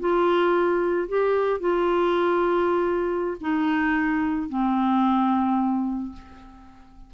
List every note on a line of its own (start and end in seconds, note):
0.00 1.09 F4
1.09 1.60 G4
1.60 3.38 F4
3.41 4.49 D#4
4.49 6.13 C4